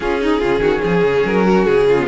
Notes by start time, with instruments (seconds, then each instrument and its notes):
0.00 cello C#4, viola C#4, violin F4 G#4
0.20 viola D#4, violin D#4
0.39 cello C#3, viola C#4, violin F4
0.59 cello D#3, violin F#4
0.83 cello F3, violin G#4
1.02 cello C#3
1.24 cello F#3, violin A#4
1.45 violin F#4
1.65 cello C#3, violin G#4
1.88 violin F4
1.98 viola B3